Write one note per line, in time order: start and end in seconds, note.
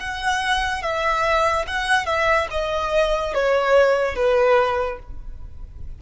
0.00 0.82 F#5
0.82 1.66 E5
1.67 2.06 F#5
2.06 2.47 E5
2.50 3.34 D#5
3.34 4.15 C#5
4.15 4.98 B4